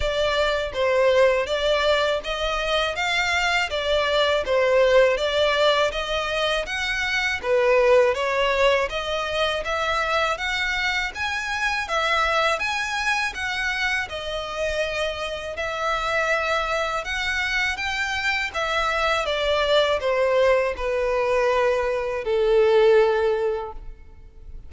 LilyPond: \new Staff \with { instrumentName = "violin" } { \time 4/4 \tempo 4 = 81 d''4 c''4 d''4 dis''4 | f''4 d''4 c''4 d''4 | dis''4 fis''4 b'4 cis''4 | dis''4 e''4 fis''4 gis''4 |
e''4 gis''4 fis''4 dis''4~ | dis''4 e''2 fis''4 | g''4 e''4 d''4 c''4 | b'2 a'2 | }